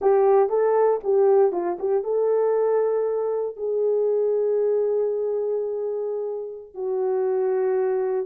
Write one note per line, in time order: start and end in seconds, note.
0.01 0.49 G4
0.49 0.99 A4
1.03 1.52 G4
1.52 1.77 F4
1.79 2.03 G4
2.03 3.56 A4
3.56 6.74 G#4
6.74 8.25 F#4